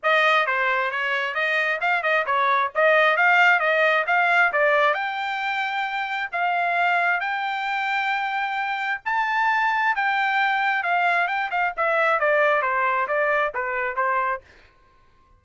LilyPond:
\new Staff \with { instrumentName = "trumpet" } { \time 4/4 \tempo 4 = 133 dis''4 c''4 cis''4 dis''4 | f''8 dis''8 cis''4 dis''4 f''4 | dis''4 f''4 d''4 g''4~ | g''2 f''2 |
g''1 | a''2 g''2 | f''4 g''8 f''8 e''4 d''4 | c''4 d''4 b'4 c''4 | }